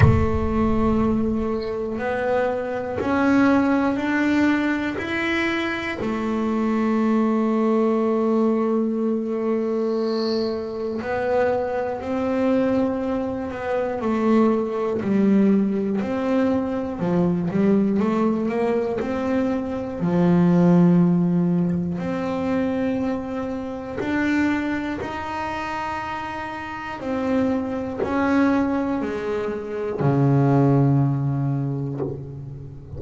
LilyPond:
\new Staff \with { instrumentName = "double bass" } { \time 4/4 \tempo 4 = 60 a2 b4 cis'4 | d'4 e'4 a2~ | a2. b4 | c'4. b8 a4 g4 |
c'4 f8 g8 a8 ais8 c'4 | f2 c'2 | d'4 dis'2 c'4 | cis'4 gis4 cis2 | }